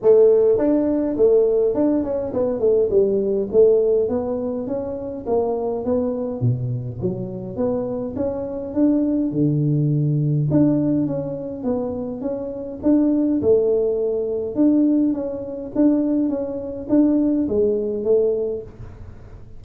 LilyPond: \new Staff \with { instrumentName = "tuba" } { \time 4/4 \tempo 4 = 103 a4 d'4 a4 d'8 cis'8 | b8 a8 g4 a4 b4 | cis'4 ais4 b4 b,4 | fis4 b4 cis'4 d'4 |
d2 d'4 cis'4 | b4 cis'4 d'4 a4~ | a4 d'4 cis'4 d'4 | cis'4 d'4 gis4 a4 | }